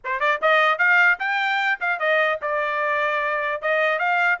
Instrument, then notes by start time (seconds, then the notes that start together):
trumpet
0.04 C5
0.19 D5
0.41 D#5
0.78 F5
1.19 G5
1.80 F5
1.99 D#5
2.41 D5
3.61 D#5
3.98 F5